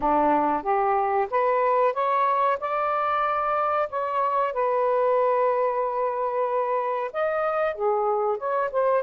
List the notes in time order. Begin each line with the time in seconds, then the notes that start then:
0.00 D4
0.62 G4
1.30 B4
1.93 C#5
2.60 D5
3.89 C#5
4.53 B4
7.13 D#5
7.74 G#4
8.37 C#5
8.71 C5